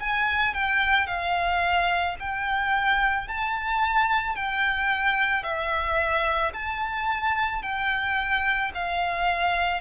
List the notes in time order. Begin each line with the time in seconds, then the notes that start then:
0.00 G#5
0.54 G5
1.07 F5
2.20 G5
3.28 A5
4.36 G5
5.43 E5
6.54 A5
7.63 G5
8.74 F5